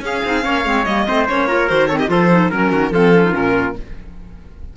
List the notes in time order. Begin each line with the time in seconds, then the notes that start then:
0.00 C#4 G#4 F5
0.24 C4 D#4
0.41 A#3 C#4 C#5
0.64 G#3 C4
0.84 G3 A#3 D#5
1.06 A3 C4 C5
1.27 A#3 C#4 C#5
1.47 F4 A#4
1.68 D#3 F#4 C5
1.87 C4 A4 C#5
1.99 G4 D#5
2.07 F3 F4 A4 C5
2.30 D#4
2.50 F#3 C#4 A#4
2.71 D#3 F#4
2.90 F3 C4 F4 A4
3.13 C#4
3.24 D#4
3.31 A#2 C#4 A#4